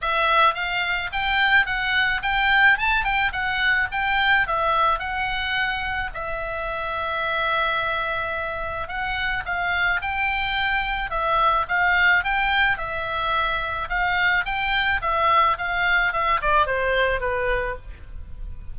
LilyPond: \new Staff \with { instrumentName = "oboe" } { \time 4/4 \tempo 4 = 108 e''4 f''4 g''4 fis''4 | g''4 a''8 g''8 fis''4 g''4 | e''4 fis''2 e''4~ | e''1 |
fis''4 f''4 g''2 | e''4 f''4 g''4 e''4~ | e''4 f''4 g''4 e''4 | f''4 e''8 d''8 c''4 b'4 | }